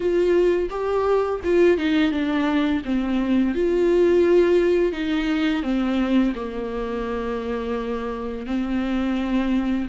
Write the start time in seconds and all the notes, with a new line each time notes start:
0.00 F4
0.70 G4
1.44 F4
1.77 D#4
2.11 D4
2.84 C4
3.54 F4
4.92 D#4
5.62 C4
6.35 A#3
8.46 C4